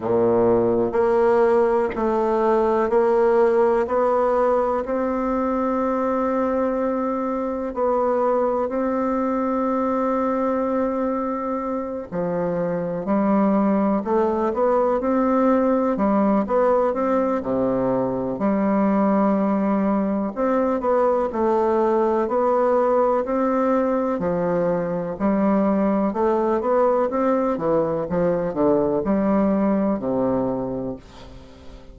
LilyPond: \new Staff \with { instrumentName = "bassoon" } { \time 4/4 \tempo 4 = 62 ais,4 ais4 a4 ais4 | b4 c'2. | b4 c'2.~ | c'8 f4 g4 a8 b8 c'8~ |
c'8 g8 b8 c'8 c4 g4~ | g4 c'8 b8 a4 b4 | c'4 f4 g4 a8 b8 | c'8 e8 f8 d8 g4 c4 | }